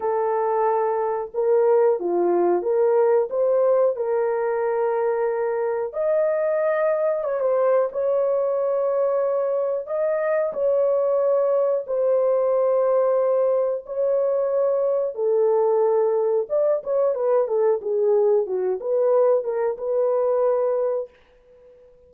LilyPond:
\new Staff \with { instrumentName = "horn" } { \time 4/4 \tempo 4 = 91 a'2 ais'4 f'4 | ais'4 c''4 ais'2~ | ais'4 dis''2 cis''16 c''8. | cis''2. dis''4 |
cis''2 c''2~ | c''4 cis''2 a'4~ | a'4 d''8 cis''8 b'8 a'8 gis'4 | fis'8 b'4 ais'8 b'2 | }